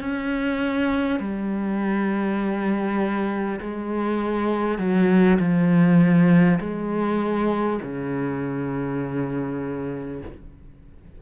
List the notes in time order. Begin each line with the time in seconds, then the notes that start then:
0.00 C#4
1.20 G3
3.61 G#3
4.78 F#3
5.39 F3
6.61 G#3
7.82 C#3